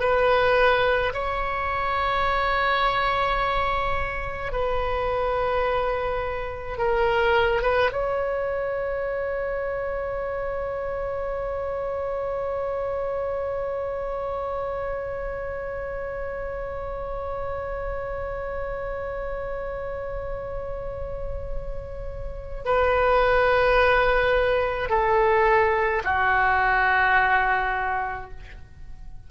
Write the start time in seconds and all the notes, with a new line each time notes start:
0.00 B4
1.13 C#5
4.52 B4
6.78 A#4
7.62 B4
7.92 C#5
22.65 B4
24.90 A4
26.04 F#4